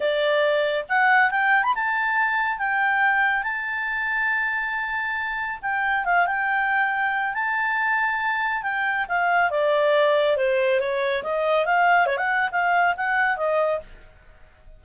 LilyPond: \new Staff \with { instrumentName = "clarinet" } { \time 4/4 \tempo 4 = 139 d''2 fis''4 g''8. b''16 | a''2 g''2 | a''1~ | a''4 g''4 f''8 g''4.~ |
g''4 a''2. | g''4 f''4 d''2 | c''4 cis''4 dis''4 f''4 | cis''16 fis''8. f''4 fis''4 dis''4 | }